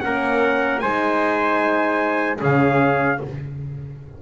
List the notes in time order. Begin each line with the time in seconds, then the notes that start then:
0.00 A#3 C#4 A#4 F#5
0.79 G#3 D#4 C5 G#5
2.38 C#3 C#4 G#4 F5